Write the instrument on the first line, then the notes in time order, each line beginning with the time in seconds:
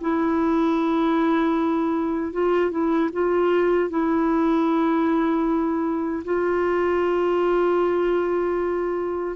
clarinet
0.00 E4
2.32 F4
2.71 E4
3.12 F4
3.90 E4
6.24 F4